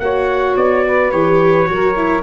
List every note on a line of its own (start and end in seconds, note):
0.00 0.56 A#3
0.00 1.12 F#4
0.00 0.86 C#5
0.00 0.56 F#5
0.57 1.13 B3
0.57 1.12 D5
0.86 1.70 B4
1.12 1.69 E3
1.12 1.66 G4
1.12 2.23 C#5
1.66 2.23 F#3
1.66 1.95 F#4
1.66 2.23 A#4
1.97 2.23 E4